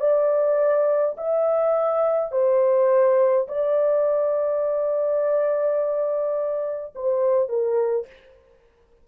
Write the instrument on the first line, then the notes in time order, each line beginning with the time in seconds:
horn
0.00 D5
1.17 E5
2.32 C5
3.48 D5
6.95 C5
7.48 A#4